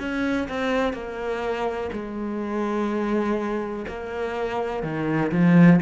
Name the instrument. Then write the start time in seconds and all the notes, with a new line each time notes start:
cello
0.00 C#4
0.49 C4
0.94 A#3
1.93 G#3
3.88 A#3
4.83 D#3
5.32 F3